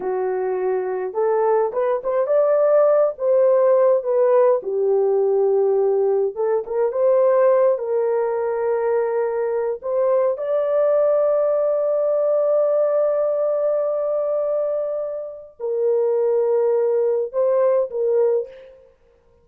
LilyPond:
\new Staff \with { instrumentName = "horn" } { \time 4/4 \tempo 4 = 104 fis'2 a'4 b'8 c''8 | d''4. c''4. b'4 | g'2. a'8 ais'8 | c''4. ais'2~ ais'8~ |
ais'4 c''4 d''2~ | d''1~ | d''2. ais'4~ | ais'2 c''4 ais'4 | }